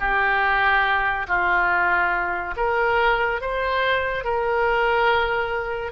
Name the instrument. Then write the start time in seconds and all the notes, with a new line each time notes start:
oboe
0.00 G4
1.28 F4
2.57 A#4
3.41 C5
4.24 A#4